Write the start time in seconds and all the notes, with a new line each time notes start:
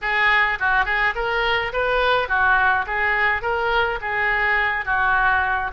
0.01 G#4
0.59 F#4
0.85 G#4
1.15 A#4
1.72 B4
2.28 F#4
2.86 G#4
3.42 A#4
4.01 G#4
4.85 F#4